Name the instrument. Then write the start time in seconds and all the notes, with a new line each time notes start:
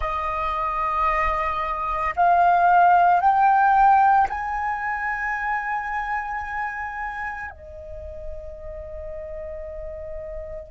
flute
0.00 D#5
2.15 F5
3.20 G5
4.29 G#5
7.50 D#5